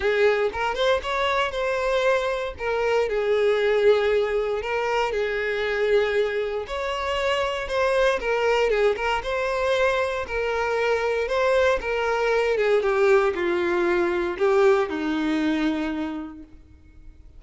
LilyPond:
\new Staff \with { instrumentName = "violin" } { \time 4/4 \tempo 4 = 117 gis'4 ais'8 c''8 cis''4 c''4~ | c''4 ais'4 gis'2~ | gis'4 ais'4 gis'2~ | gis'4 cis''2 c''4 |
ais'4 gis'8 ais'8 c''2 | ais'2 c''4 ais'4~ | ais'8 gis'8 g'4 f'2 | g'4 dis'2. | }